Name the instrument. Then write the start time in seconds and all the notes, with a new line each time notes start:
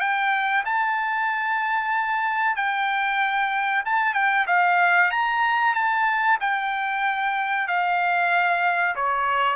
trumpet
0.00 G5
0.65 A5
2.56 G5
3.85 A5
4.14 G5
4.47 F5
5.11 A#5
5.74 A5
6.40 G5
7.67 F5
8.96 C#5